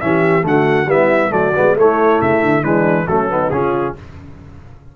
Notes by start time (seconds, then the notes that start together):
0.00 E3 C#4 G4 E5
0.41 D3 A3 F#4 F#5
0.86 G3 B3 E4 E5
1.29 F#3 A3 F#4 D5
1.55 G#3 B3
1.75 A3 E4 C#5
2.21 C#3 E5
2.41 D3
2.62 E3 G#3 D4 B4
3.07 F#3 A3 C#4 A4
3.29 B3 D#4
3.50 C#3 C#4 F4 G#4